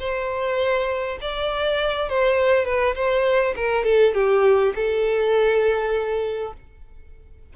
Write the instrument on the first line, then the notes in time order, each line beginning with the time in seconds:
violin
0.00 C5
1.22 D5
2.10 C5
2.65 B4
2.95 C5
3.56 A#4
3.85 A4
4.14 G4
4.76 A4